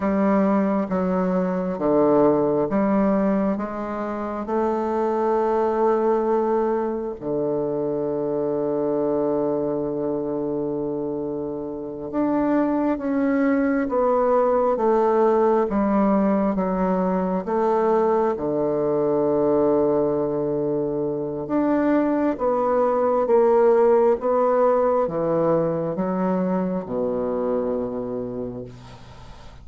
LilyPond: \new Staff \with { instrumentName = "bassoon" } { \time 4/4 \tempo 4 = 67 g4 fis4 d4 g4 | gis4 a2. | d1~ | d4. d'4 cis'4 b8~ |
b8 a4 g4 fis4 a8~ | a8 d2.~ d8 | d'4 b4 ais4 b4 | e4 fis4 b,2 | }